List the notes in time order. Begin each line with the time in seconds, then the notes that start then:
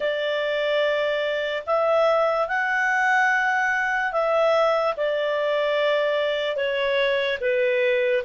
0.00 D5
1.66 E5
2.48 F#5
4.12 E5
4.96 D5
6.56 C#5
7.40 B4